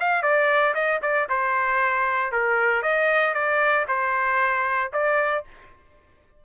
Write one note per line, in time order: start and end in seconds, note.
0.00 0.22 F5
0.22 0.74 D5
0.74 1.00 D#5
1.02 1.28 D5
1.29 2.32 C5
2.32 2.82 A#4
2.82 3.34 D#5
3.34 3.85 D5
3.88 4.91 C5
4.93 5.44 D5